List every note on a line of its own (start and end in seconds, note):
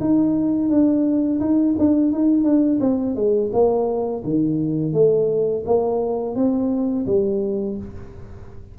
0.00 0.69 D#4
0.69 1.39 D4
1.40 1.75 D#4
1.78 2.12 D4
2.12 2.44 D#4
2.44 2.79 D4
2.80 3.15 C4
3.15 3.50 G#3
3.52 4.23 A#3
4.24 4.93 D#3
4.93 5.63 A3
5.65 6.35 A#3
6.35 7.06 C4
7.06 7.76 G3